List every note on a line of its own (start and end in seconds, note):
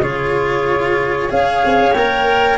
0.00 1.29 C#3
0.00 1.30 F4
0.00 1.31 G#4
0.00 1.31 C#5
1.30 1.64 C#4
1.30 1.94 G#4
1.30 2.58 C#5
1.30 1.93 F5
1.65 1.81 C4
1.81 1.96 C#4
1.93 2.58 A#3
1.93 2.58 A#4
1.93 2.58 G5